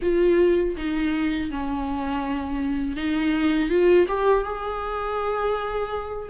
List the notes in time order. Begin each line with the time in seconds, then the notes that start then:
0.02 F4
0.76 D#4
1.50 C#4
2.96 D#4
3.69 F4
4.07 G4
4.43 G#4